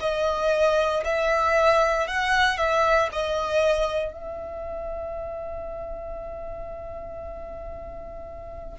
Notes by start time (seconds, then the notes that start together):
0.00 D#5
1.04 E5
2.07 F#5
2.57 E5
3.12 D#5
4.13 E5